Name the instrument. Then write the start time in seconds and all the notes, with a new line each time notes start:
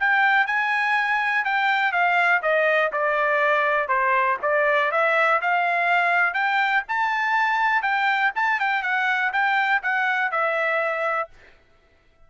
trumpet
0.00 G5
0.47 G#5
1.45 G5
1.93 F5
2.43 D#5
2.93 D5
3.89 C5
4.42 D5
4.92 E5
5.42 F5
6.34 G5
6.89 A5
7.83 G5
8.36 A5
8.60 G5
8.83 F#5
9.33 G5
9.83 F#5
10.32 E5